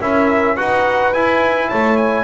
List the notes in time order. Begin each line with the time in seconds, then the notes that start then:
0.00 C#4 E4 A#4 E5
0.56 D#4 F#4 B4 F#5
1.13 E4 G#5
1.68 A3 C#5 A5
1.97 G#5